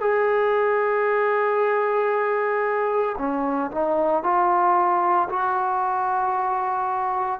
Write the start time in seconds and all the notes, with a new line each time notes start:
0.00 G#4
3.18 C#4
3.71 D#4
4.23 F4
5.29 F#4